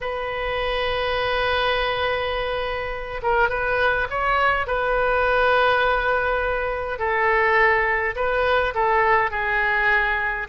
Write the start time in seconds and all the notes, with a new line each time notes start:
0.00 B4
3.22 A#4
3.49 B4
4.10 C#5
4.67 B4
6.98 A4
8.15 B4
8.74 A4
9.30 G#4